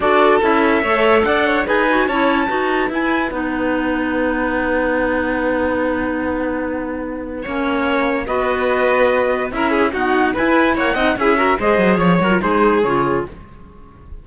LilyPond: <<
  \new Staff \with { instrumentName = "trumpet" } { \time 4/4 \tempo 4 = 145 d''4 e''2 fis''4 | gis''4 a''2 gis''4 | fis''1~ | fis''1~ |
fis''1 | dis''2. e''4 | fis''4 gis''4 fis''4 e''4 | dis''4 cis''8 ais'8 c''4 cis''4 | }
  \new Staff \with { instrumentName = "violin" } { \time 4/4 a'2 cis''4 d''8 cis''8 | b'4 cis''4 b'2~ | b'1~ | b'1~ |
b'2 cis''2 | b'2. ais'8 gis'8 | fis'4 b'4 cis''8 dis''8 gis'8 ais'8 | c''4 cis''4 gis'2 | }
  \new Staff \with { instrumentName = "clarinet" } { \time 4/4 fis'4 e'4 a'2 | gis'8 fis'8 e'4 fis'4 e'4 | dis'1~ | dis'1~ |
dis'2 cis'2 | fis'2. e'4 | b4 e'4. dis'8 e'8 fis'8 | gis'4. fis'16 f'16 dis'4 f'4 | }
  \new Staff \with { instrumentName = "cello" } { \time 4/4 d'4 cis'4 a4 d'4 | dis'4 cis'4 dis'4 e'4 | b1~ | b1~ |
b2 ais2 | b2. cis'4 | dis'4 e'4 ais8 c'8 cis'4 | gis8 fis8 f8 fis8 gis4 cis4 | }
>>